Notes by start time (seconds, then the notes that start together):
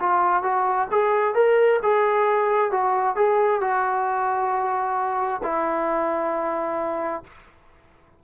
0.00 F4
0.43 F#4
0.91 G#4
1.35 A#4
1.83 G#4
2.72 F#4
3.16 G#4
3.61 F#4
5.43 E4